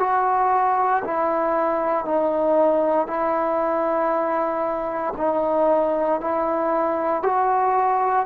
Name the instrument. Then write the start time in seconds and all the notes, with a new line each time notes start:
trombone
0.00 F#4
1.04 E4
2.05 D#4
3.08 E4
5.17 D#4
6.21 E4
7.23 F#4